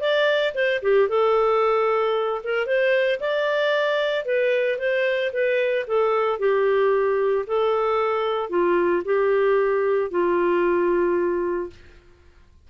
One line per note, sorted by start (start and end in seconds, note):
0.00 0.53 D5
0.54 0.81 C5
0.82 1.08 G4
1.08 2.41 A4
2.43 2.66 A#4
2.66 3.19 C5
3.20 4.25 D5
4.25 4.78 B4
4.78 5.31 C5
5.32 5.86 B4
5.87 6.39 A4
6.39 7.45 G4
7.46 8.49 A4
8.49 9.02 F4
9.04 10.10 G4
10.10 11.70 F4